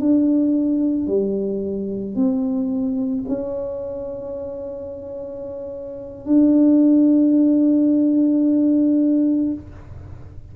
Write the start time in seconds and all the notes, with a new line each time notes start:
0.00 D4
1.07 G3
2.16 C4
3.28 C#4
6.26 D4